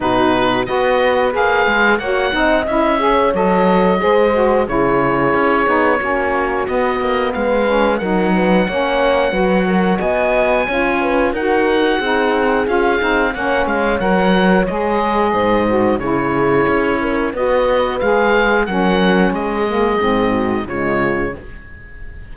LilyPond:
<<
  \new Staff \with { instrumentName = "oboe" } { \time 4/4 \tempo 4 = 90 b'4 dis''4 f''4 fis''4 | e''4 dis''2 cis''4~ | cis''2 dis''4 f''4 | fis''2. gis''4~ |
gis''4 fis''2 f''4 | fis''8 f''8 fis''4 dis''2 | cis''2 dis''4 f''4 | fis''4 dis''2 cis''4 | }
  \new Staff \with { instrumentName = "horn" } { \time 4/4 fis'4 b'2 cis''8 dis''8~ | dis''8 cis''4. c''4 gis'4~ | gis'4 fis'2 b'4 | ais'8 b'8 cis''4 b'8 ais'8 dis''4 |
cis''8 b'8 ais'4 gis'2 | cis''2. c''4 | gis'4. ais'8 b'2 | ais'4 gis'4. fis'8 f'4 | }
  \new Staff \with { instrumentName = "saxophone" } { \time 4/4 dis'4 fis'4 gis'4 fis'8 dis'8 | e'8 gis'8 a'4 gis'8 fis'8 e'4~ | e'8 dis'8 cis'4 b4. cis'8 | dis'4 cis'4 fis'2 |
f'4 fis'4 dis'4 f'8 dis'8 | cis'4 ais'4 gis'4. fis'8 | e'2 fis'4 gis'4 | cis'4. ais8 c'4 gis4 | }
  \new Staff \with { instrumentName = "cello" } { \time 4/4 b,4 b4 ais8 gis8 ais8 c'8 | cis'4 fis4 gis4 cis4 | cis'8 b8 ais4 b8 ais8 gis4 | fis4 ais4 fis4 b4 |
cis'4 dis'4 c'4 cis'8 c'8 | ais8 gis8 fis4 gis4 gis,4 | cis4 cis'4 b4 gis4 | fis4 gis4 gis,4 cis4 | }
>>